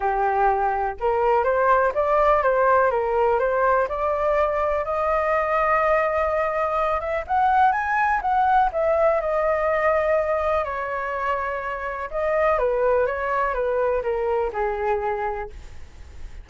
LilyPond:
\new Staff \with { instrumentName = "flute" } { \time 4/4 \tempo 4 = 124 g'2 ais'4 c''4 | d''4 c''4 ais'4 c''4 | d''2 dis''2~ | dis''2~ dis''8 e''8 fis''4 |
gis''4 fis''4 e''4 dis''4~ | dis''2 cis''2~ | cis''4 dis''4 b'4 cis''4 | b'4 ais'4 gis'2 | }